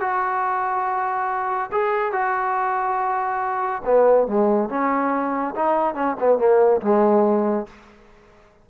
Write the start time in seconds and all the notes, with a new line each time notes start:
0.00 F#4
1.72 G#4
2.12 F#4
3.85 B3
4.27 G#3
4.69 C#4
5.55 D#4
5.95 C#4
6.20 B3
6.38 A#3
6.81 G#3